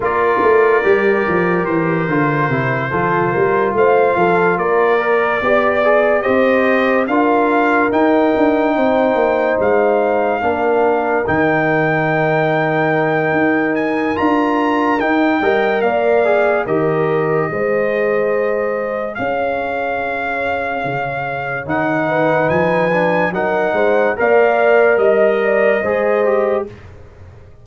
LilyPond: <<
  \new Staff \with { instrumentName = "trumpet" } { \time 4/4 \tempo 4 = 72 d''2 c''2~ | c''8 f''4 d''2 dis''8~ | dis''8 f''4 g''2 f''8~ | f''4. g''2~ g''8~ |
g''8 gis''8 ais''4 g''4 f''4 | dis''2. f''4~ | f''2 fis''4 gis''4 | fis''4 f''4 dis''2 | }
  \new Staff \with { instrumentName = "horn" } { \time 4/4 ais'2.~ ais'8 a'8 | ais'8 c''8 a'8 ais'4 d''4 c''8~ | c''8 ais'2 c''4.~ | c''8 ais'2.~ ais'8~ |
ais'2~ ais'8 dis''8 d''4 | ais'4 c''2 cis''4~ | cis''2~ cis''8 b'4. | ais'8 c''8 d''4 dis''8 d''8 c''4 | }
  \new Staff \with { instrumentName = "trombone" } { \time 4/4 f'4 g'4. f'8 e'8 f'8~ | f'2 ais'8 g'8 gis'8 g'8~ | g'8 f'4 dis'2~ dis'8~ | dis'8 d'4 dis'2~ dis'8~ |
dis'4 f'4 dis'8 ais'4 gis'8 | g'4 gis'2.~ | gis'2 dis'4. d'8 | dis'4 ais'2 gis'8 g'8 | }
  \new Staff \with { instrumentName = "tuba" } { \time 4/4 ais8 a8 g8 f8 e8 d8 c8 f8 | g8 a8 f8 ais4 b4 c'8~ | c'8 d'4 dis'8 d'8 c'8 ais8 gis8~ | gis8 ais4 dis2~ dis8 |
dis'4 d'4 dis'8 g8 ais4 | dis4 gis2 cis'4~ | cis'4 cis4 dis4 f4 | fis8 gis8 ais4 g4 gis4 | }
>>